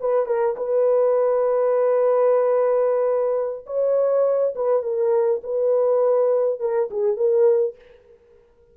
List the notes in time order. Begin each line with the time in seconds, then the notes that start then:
0.00 B4
0.26 A#4
0.56 B4
3.66 C#5
4.55 B4
4.82 A#4
5.43 B4
6.60 A#4
6.90 G#4
7.17 A#4